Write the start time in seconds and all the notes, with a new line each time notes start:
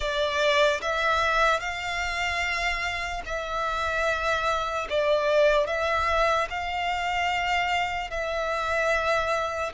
0.00 D5
0.81 E5
1.60 F5
3.25 E5
4.89 D5
5.66 E5
6.50 F5
8.10 E5